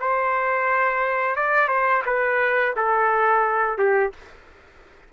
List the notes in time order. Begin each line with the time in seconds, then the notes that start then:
0.00 C5
1.36 D5
1.68 C5
2.06 B4
2.76 A4
3.78 G4